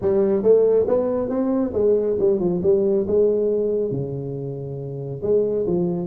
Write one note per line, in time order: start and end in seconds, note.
0.01 0.42 G3
0.42 0.86 A3
0.87 1.29 B3
1.29 1.72 C4
1.73 2.16 G#3
2.19 2.39 G3
2.39 2.61 F3
2.63 3.06 G3
3.07 3.90 G#3
3.90 5.21 C#3
5.22 5.65 G#3
5.66 6.06 F3